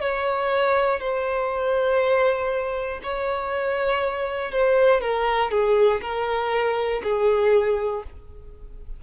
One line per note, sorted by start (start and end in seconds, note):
0.00 1.00 C#5
1.00 3.00 C5
3.03 4.51 C#5
4.51 5.00 C5
5.00 5.50 A#4
5.50 6.00 G#4
6.01 7.01 A#4
7.03 8.03 G#4